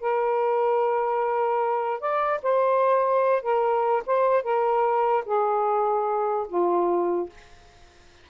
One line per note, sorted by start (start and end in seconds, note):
0.00 2.00 A#4
2.00 2.41 D5
2.43 3.42 C5
3.42 4.03 A#4
4.06 4.43 C5
4.43 5.24 A#4
5.25 6.47 G#4
6.48 7.29 F4